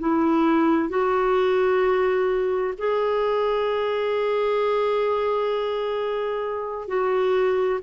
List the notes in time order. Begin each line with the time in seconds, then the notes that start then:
0.00 E4
0.90 F#4
2.78 G#4
6.88 F#4